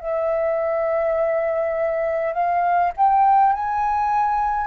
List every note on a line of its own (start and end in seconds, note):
0.00 2.33 E5
2.33 2.92 F5
2.97 3.53 G5
3.53 4.67 G#5